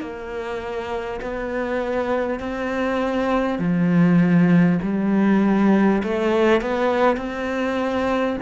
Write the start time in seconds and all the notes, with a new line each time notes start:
0.00 A#3
1.21 B3
2.39 C4
3.58 F3
4.82 G3
6.03 A3
6.61 B3
7.17 C4